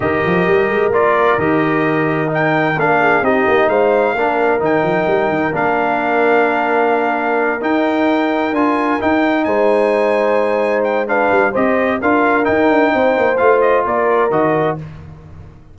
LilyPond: <<
  \new Staff \with { instrumentName = "trumpet" } { \time 4/4 \tempo 4 = 130 dis''2 d''4 dis''4~ | dis''4 g''4 f''4 dis''4 | f''2 g''2 | f''1~ |
f''8 g''2 gis''4 g''8~ | g''8 gis''2. g''8 | f''4 dis''4 f''4 g''4~ | g''4 f''8 dis''8 d''4 dis''4 | }
  \new Staff \with { instrumentName = "horn" } { \time 4/4 ais'1~ | ais'2~ ais'8 gis'8 g'4 | c''4 ais'2.~ | ais'1~ |
ais'1~ | ais'8 c''2.~ c''8 | b'4 c''4 ais'2 | c''2 ais'2 | }
  \new Staff \with { instrumentName = "trombone" } { \time 4/4 g'2 f'4 g'4~ | g'4 dis'4 d'4 dis'4~ | dis'4 d'4 dis'2 | d'1~ |
d'8 dis'2 f'4 dis'8~ | dis'1 | d'4 g'4 f'4 dis'4~ | dis'4 f'2 fis'4 | }
  \new Staff \with { instrumentName = "tuba" } { \time 4/4 dis8 f8 g8 gis8 ais4 dis4~ | dis2 ais4 c'8 ais8 | gis4 ais4 dis8 f8 g8 dis8 | ais1~ |
ais8 dis'2 d'4 dis'8~ | dis'8 gis2.~ gis8~ | gis8 g8 c'4 d'4 dis'8 d'8 | c'8 ais8 a4 ais4 dis4 | }
>>